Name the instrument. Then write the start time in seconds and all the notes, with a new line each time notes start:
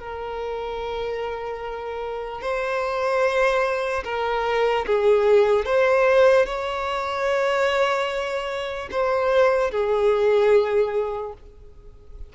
violin
0.00 A#4
2.42 C5
4.05 A#4
4.86 G#4
5.66 C5
6.46 C#5
8.91 C5
9.71 G#4